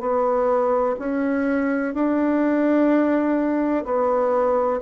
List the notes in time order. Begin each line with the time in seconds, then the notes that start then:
0.00 B3
0.99 C#4
1.94 D4
3.85 B3